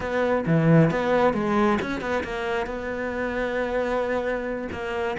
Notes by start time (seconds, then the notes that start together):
0.00 B3
0.46 E3
0.90 B3
1.33 G#3
1.81 C#4
2.00 B3
2.23 A#3
2.66 B3
4.72 A#3